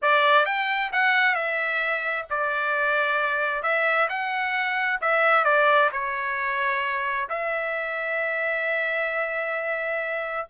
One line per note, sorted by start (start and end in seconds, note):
0.02 0.45 D5
0.45 0.91 G5
0.92 1.35 F#5
1.35 2.25 E5
2.30 3.62 D5
3.62 4.08 E5
4.09 5.00 F#5
5.01 5.44 E5
5.44 5.89 D5
5.92 7.28 C#5
7.29 10.47 E5